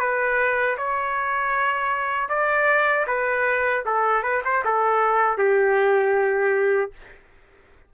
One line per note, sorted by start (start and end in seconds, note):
0.00 0.77 B4
0.78 2.29 C#5
2.29 3.06 D5
3.08 3.85 B4
3.86 4.23 A4
4.23 4.43 B4
4.45 4.64 C5
4.65 5.38 A4
5.38 6.92 G4